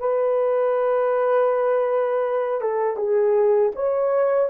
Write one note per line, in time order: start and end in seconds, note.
0.00 2.61 B4
2.61 2.97 A4
2.97 3.72 G#4
3.76 4.50 C#5